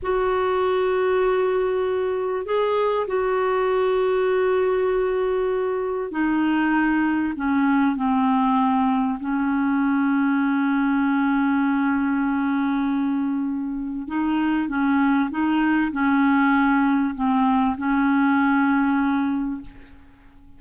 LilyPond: \new Staff \with { instrumentName = "clarinet" } { \time 4/4 \tempo 4 = 98 fis'1 | gis'4 fis'2.~ | fis'2 dis'2 | cis'4 c'2 cis'4~ |
cis'1~ | cis'2. dis'4 | cis'4 dis'4 cis'2 | c'4 cis'2. | }